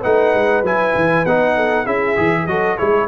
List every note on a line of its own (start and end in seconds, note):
0.00 0.34 A3
0.00 0.65 D#4
0.00 1.53 B4
0.00 0.64 F#5
0.34 0.63 G#3
0.63 0.93 F#3
0.63 1.26 E4
0.63 1.25 G#5
0.95 1.25 E3
1.25 1.86 B3
1.25 1.85 D#4
1.25 1.86 F#5
1.55 1.84 A4
1.84 2.16 C#4
1.84 2.16 E4
1.84 2.45 G#4
1.84 2.46 E5
2.16 2.46 E3
2.16 2.47 G#4
2.46 2.77 F#3
2.46 2.78 F#4
2.46 2.77 A4
2.46 2.77 D#5
2.77 3.08 G#3
2.77 3.08 E4
2.77 3.07 G#4
2.77 3.08 C#5